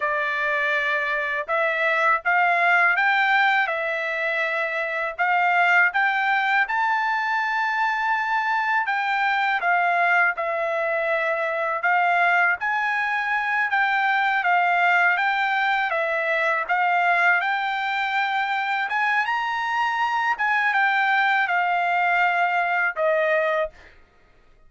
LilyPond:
\new Staff \with { instrumentName = "trumpet" } { \time 4/4 \tempo 4 = 81 d''2 e''4 f''4 | g''4 e''2 f''4 | g''4 a''2. | g''4 f''4 e''2 |
f''4 gis''4. g''4 f''8~ | f''8 g''4 e''4 f''4 g''8~ | g''4. gis''8 ais''4. gis''8 | g''4 f''2 dis''4 | }